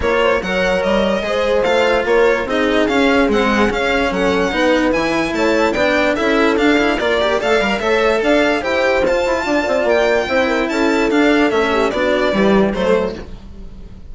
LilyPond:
<<
  \new Staff \with { instrumentName = "violin" } { \time 4/4 \tempo 4 = 146 cis''4 fis''4 dis''2 | f''4 cis''4 dis''4 f''4 | fis''4 f''4 fis''2 | gis''4 a''4 g''4 e''4 |
f''4 d''4 f''4 e''4 | f''4 g''4 a''2 | g''2 a''4 f''4 | e''4 d''2 c''4 | }
  \new Staff \with { instrumentName = "horn" } { \time 4/4 ais'8 c''8 cis''2 c''4~ | c''4 ais'4 gis'2~ | gis'2 a'4 b'4~ | b'4 cis''4 d''4 a'4~ |
a'4 ais'4 d''4 cis''4 | d''4 c''2 d''4~ | d''4 c''8 ais'8 a'2~ | a'8 g'8 fis'4 g'4 a'4 | }
  \new Staff \with { instrumentName = "cello" } { \time 4/4 f'4 ais'2 gis'4 | f'2 dis'4 cis'4 | gis4 cis'2 dis'4 | e'2 d'4 e'4 |
d'8 e'8 f'8 g'8 a'8 ais'8 a'4~ | a'4 g'4 f'2~ | f'4 e'2 d'4 | cis'4 d'4 g4 a4 | }
  \new Staff \with { instrumentName = "bassoon" } { \time 4/4 ais4 fis4 g4 gis4 | a4 ais4 c'4 cis'4 | c'4 cis'4 fis4 b4 | e4 a4 b4 cis'4 |
d'4 ais4 a8 g8 a4 | d'4 e'4 f'8 e'8 d'8 c'8 | ais4 c'4 cis'4 d'4 | a4 b4 e4 fis4 | }
>>